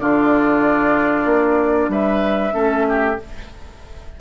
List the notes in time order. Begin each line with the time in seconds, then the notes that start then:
0.00 D3 D4 F4 D5
1.25 A#3
1.89 G3 B4 E5
2.52 A3 C#4 A4
2.89 G4